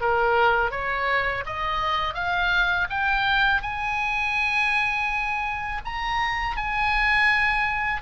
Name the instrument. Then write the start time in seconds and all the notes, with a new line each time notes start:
oboe
0.00 A#4
0.71 C#5
1.45 D#5
2.14 F5
2.89 G5
3.62 G#5
5.85 A#5
6.56 G#5